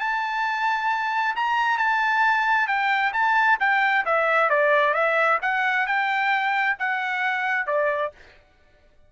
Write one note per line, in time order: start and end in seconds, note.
0.00 1.35 A5
1.36 1.78 A#5
1.78 2.67 A5
2.67 3.12 G5
3.13 3.58 A5
3.60 4.05 G5
4.05 4.50 E5
4.50 4.94 D5
4.94 5.39 E5
5.42 5.86 F#5
5.86 6.77 G5
6.79 7.67 F#5
7.67 8.12 D5